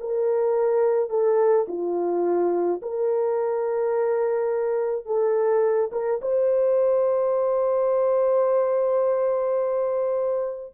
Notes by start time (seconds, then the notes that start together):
0.00 A#4
1.10 A4
1.68 F4
2.82 A#4
5.05 A4
5.92 A#4
6.22 C5